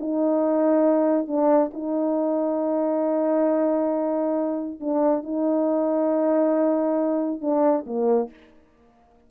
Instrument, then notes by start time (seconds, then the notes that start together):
horn
0.00 D#4
1.28 D4
1.73 D#4
4.80 D4
5.24 D#4
7.41 D4
7.87 A#3